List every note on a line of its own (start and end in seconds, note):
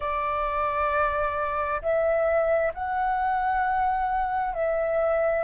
0.00 1.81 D5
1.82 2.73 E5
2.74 4.53 F#5
4.53 5.43 E5